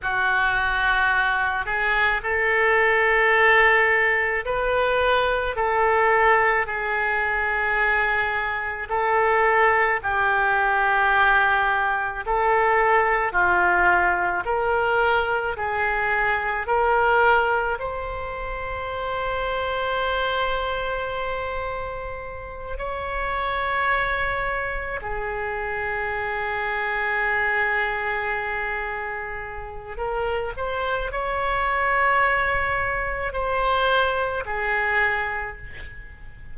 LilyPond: \new Staff \with { instrumentName = "oboe" } { \time 4/4 \tempo 4 = 54 fis'4. gis'8 a'2 | b'4 a'4 gis'2 | a'4 g'2 a'4 | f'4 ais'4 gis'4 ais'4 |
c''1~ | c''8 cis''2 gis'4.~ | gis'2. ais'8 c''8 | cis''2 c''4 gis'4 | }